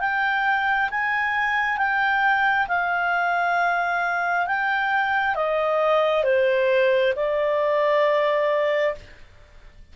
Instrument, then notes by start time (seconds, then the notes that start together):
clarinet
0.00 G5
0.91 G#5
1.78 G5
2.68 F5
4.47 G5
5.36 D#5
6.24 C5
7.16 D5